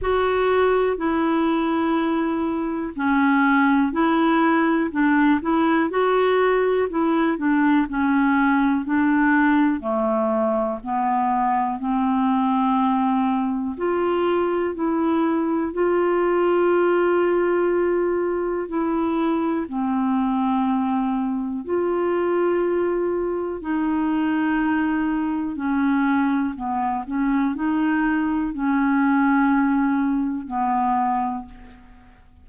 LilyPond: \new Staff \with { instrumentName = "clarinet" } { \time 4/4 \tempo 4 = 61 fis'4 e'2 cis'4 | e'4 d'8 e'8 fis'4 e'8 d'8 | cis'4 d'4 a4 b4 | c'2 f'4 e'4 |
f'2. e'4 | c'2 f'2 | dis'2 cis'4 b8 cis'8 | dis'4 cis'2 b4 | }